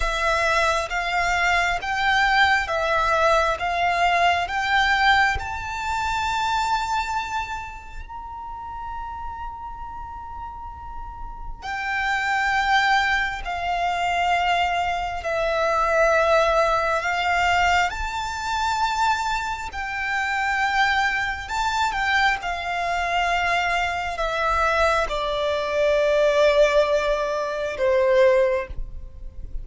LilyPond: \new Staff \with { instrumentName = "violin" } { \time 4/4 \tempo 4 = 67 e''4 f''4 g''4 e''4 | f''4 g''4 a''2~ | a''4 ais''2.~ | ais''4 g''2 f''4~ |
f''4 e''2 f''4 | a''2 g''2 | a''8 g''8 f''2 e''4 | d''2. c''4 | }